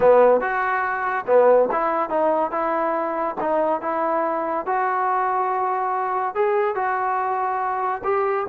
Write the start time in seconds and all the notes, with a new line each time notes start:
0.00 B3
0.41 F#4
1.27 B3
1.71 E4
2.09 D#4
2.51 E4
3.40 D#4
3.81 E4
4.65 F#4
6.35 G#4
6.75 F#4
8.04 G4